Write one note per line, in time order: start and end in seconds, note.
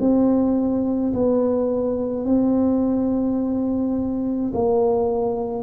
0.00 1.13 C4
1.13 2.25 B3
2.25 4.52 C4
4.54 5.63 A#3